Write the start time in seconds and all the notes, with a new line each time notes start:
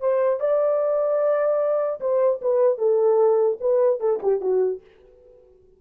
0.00 C5
0.40 D5
2.00 C5
2.42 B4
2.78 A4
3.61 B4
4.00 A4
4.22 G4
4.41 F#4